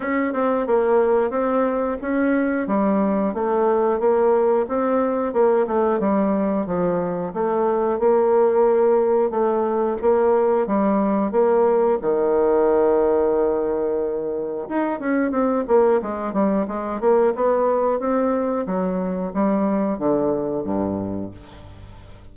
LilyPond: \new Staff \with { instrumentName = "bassoon" } { \time 4/4 \tempo 4 = 90 cis'8 c'8 ais4 c'4 cis'4 | g4 a4 ais4 c'4 | ais8 a8 g4 f4 a4 | ais2 a4 ais4 |
g4 ais4 dis2~ | dis2 dis'8 cis'8 c'8 ais8 | gis8 g8 gis8 ais8 b4 c'4 | fis4 g4 d4 g,4 | }